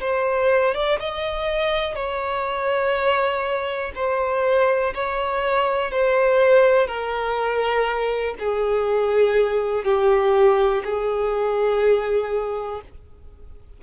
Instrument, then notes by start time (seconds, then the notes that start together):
violin
0.00 C5
0.74 D5
0.99 D#5
1.95 C#5
3.95 C5
4.94 C#5
5.91 C5
6.87 A#4
8.39 G#4
9.84 G4
10.84 G#4